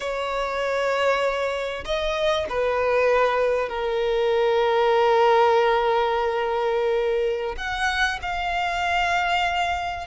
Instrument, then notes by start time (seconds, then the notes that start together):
violin
0.00 C#5
1.84 D#5
2.49 B4
3.69 A#4
7.57 F#5
8.22 F5